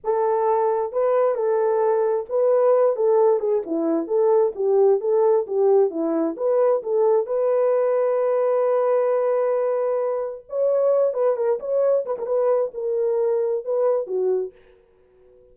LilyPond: \new Staff \with { instrumentName = "horn" } { \time 4/4 \tempo 4 = 132 a'2 b'4 a'4~ | a'4 b'4. a'4 gis'8 | e'4 a'4 g'4 a'4 | g'4 e'4 b'4 a'4 |
b'1~ | b'2. cis''4~ | cis''8 b'8 ais'8 cis''4 b'16 ais'16 b'4 | ais'2 b'4 fis'4 | }